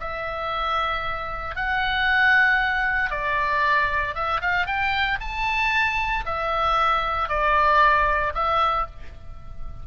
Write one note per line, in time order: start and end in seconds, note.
0.00 1.56 E5
1.56 3.10 F#5
3.10 4.15 D5
4.15 4.41 E5
4.41 4.66 F5
4.66 5.18 G5
5.20 6.25 A5
6.25 7.29 E5
7.29 8.33 D5
8.34 8.86 E5